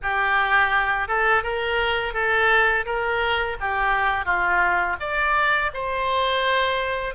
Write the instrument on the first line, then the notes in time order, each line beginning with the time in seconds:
oboe
0.02 G4
1.07 A4
1.43 A#4
2.13 A4
2.85 A#4
3.60 G4
4.25 F4
5.00 D5
5.73 C5